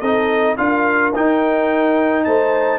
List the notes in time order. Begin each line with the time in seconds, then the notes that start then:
0.00 C4 D#4 A4 D#5
0.57 D4 F4 A#4 F5
1.14 D#4 G5
2.24 A3 C5 A5